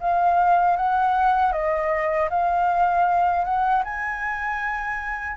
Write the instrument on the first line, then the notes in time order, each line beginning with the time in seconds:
flute
0.00 F5
0.77 F#5
1.52 D#5
2.30 F5
3.44 F#5
3.84 G#5